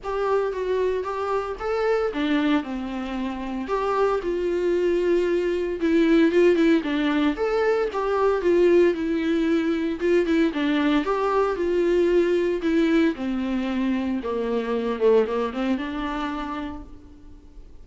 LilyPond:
\new Staff \with { instrumentName = "viola" } { \time 4/4 \tempo 4 = 114 g'4 fis'4 g'4 a'4 | d'4 c'2 g'4 | f'2. e'4 | f'8 e'8 d'4 a'4 g'4 |
f'4 e'2 f'8 e'8 | d'4 g'4 f'2 | e'4 c'2 ais4~ | ais8 a8 ais8 c'8 d'2 | }